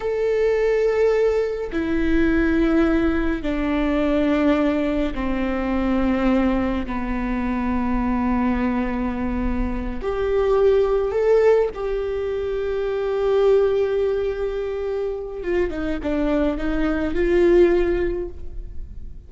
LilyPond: \new Staff \with { instrumentName = "viola" } { \time 4/4 \tempo 4 = 105 a'2. e'4~ | e'2 d'2~ | d'4 c'2. | b1~ |
b4. g'2 a'8~ | a'8 g'2.~ g'8~ | g'2. f'8 dis'8 | d'4 dis'4 f'2 | }